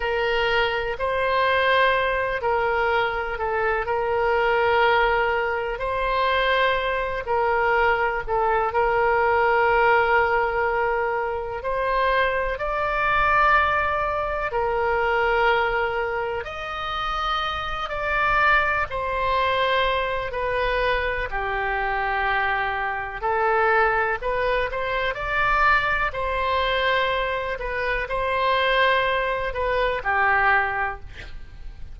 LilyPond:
\new Staff \with { instrumentName = "oboe" } { \time 4/4 \tempo 4 = 62 ais'4 c''4. ais'4 a'8 | ais'2 c''4. ais'8~ | ais'8 a'8 ais'2. | c''4 d''2 ais'4~ |
ais'4 dis''4. d''4 c''8~ | c''4 b'4 g'2 | a'4 b'8 c''8 d''4 c''4~ | c''8 b'8 c''4. b'8 g'4 | }